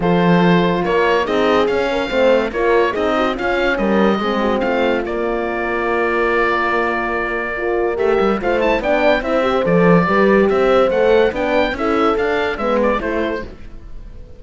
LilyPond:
<<
  \new Staff \with { instrumentName = "oboe" } { \time 4/4 \tempo 4 = 143 c''2 cis''4 dis''4 | f''2 cis''4 dis''4 | f''4 dis''2 f''4 | d''1~ |
d''2. e''4 | f''8 a''8 g''4 e''4 d''4~ | d''4 e''4 fis''4 g''4 | e''4 f''4 e''8 d''8 c''4 | }
  \new Staff \with { instrumentName = "horn" } { \time 4/4 a'2 ais'4 gis'4~ | gis'8 ais'8 c''4 ais'4 gis'8 fis'8 | f'4 ais'4 gis'8 fis'8 f'4~ | f'1~ |
f'2 ais'2 | c''4 d''4 c''2 | b'4 c''2 b'4 | a'2 b'4 a'4 | }
  \new Staff \with { instrumentName = "horn" } { \time 4/4 f'2. dis'4 | cis'4 c'4 f'4 dis'4 | cis'2 c'2 | ais1~ |
ais2 f'4 g'4 | f'8 e'8 d'4 e'8 g'8 a'4 | g'2 a'4 d'4 | e'4 d'4 b4 e'4 | }
  \new Staff \with { instrumentName = "cello" } { \time 4/4 f2 ais4 c'4 | cis'4 a4 ais4 c'4 | cis'4 g4 gis4 a4 | ais1~ |
ais2. a8 g8 | a4 b4 c'4 f4 | g4 c'4 a4 b4 | cis'4 d'4 gis4 a4 | }
>>